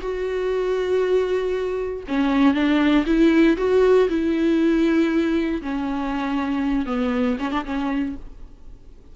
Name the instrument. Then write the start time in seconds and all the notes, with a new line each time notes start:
viola
0.00 F#4
2.08 C#4
2.54 D4
3.06 E4
3.57 F#4
4.09 E4
5.62 C#4
6.86 B3
7.39 C#4
7.51 D4
7.65 C#4